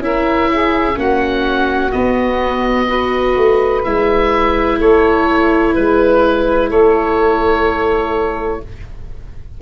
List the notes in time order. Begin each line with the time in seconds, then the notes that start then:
0.00 C#4 E4 A#4 E5
0.52 G#4
0.95 A#3 C#4 F#4 F#5
1.92 B3 D#5
2.88 F#4 B4
3.37 A3
3.85 G#3 E4 E5
4.80 A3 A4 C#5
5.74 G#3 B4
6.70 A3 A4 C#5